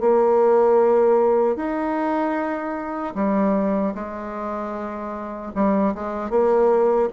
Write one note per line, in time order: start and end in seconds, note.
0.00 1.56 A#3
1.56 3.14 D#4
3.15 3.94 G3
3.94 5.52 G#3
5.55 5.94 G3
5.95 6.30 G#3
6.30 7.09 A#3